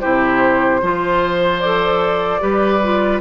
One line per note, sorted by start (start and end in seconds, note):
0.00 0.82 C3
0.00 0.81 E4
0.00 0.81 G4
0.00 1.60 C5
0.82 2.42 F3
0.82 1.62 F4
0.82 2.42 C5
1.60 2.40 A4
1.60 3.20 D5
2.40 3.21 G3
2.40 2.80 G4
2.40 3.21 B4
2.83 3.21 F4